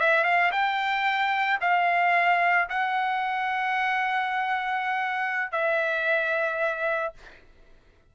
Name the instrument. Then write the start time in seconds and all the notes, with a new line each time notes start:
trumpet
0.00 E5
0.24 F5
0.52 G5
1.61 F5
2.70 F#5
5.52 E5